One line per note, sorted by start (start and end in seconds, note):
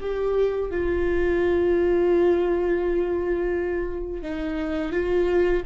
0.00 0.70 G4
0.70 4.22 F4
4.22 4.92 D#4
4.92 5.62 F4